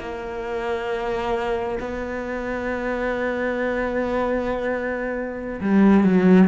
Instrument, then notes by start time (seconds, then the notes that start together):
cello
0.00 A#3
1.80 B3
5.61 G3
6.04 F#3